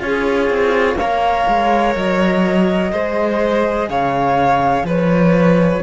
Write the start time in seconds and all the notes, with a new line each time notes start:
0.00 C#4 F4 G#4 C#5
0.50 C4
0.95 A#3 A#4 C#5 F5
1.48 G#3
1.96 F#3 D#5
2.92 G#3 G#4 C5
3.89 C#3 C#5 F5
4.83 F3 B4 C#5